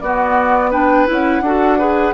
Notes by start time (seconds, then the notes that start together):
0.00 B3 F#4 D5
0.70 D4 B4 G5
1.06 C#4 E4 F#5
1.41 D4 F#4 A4
1.78 G#4 B4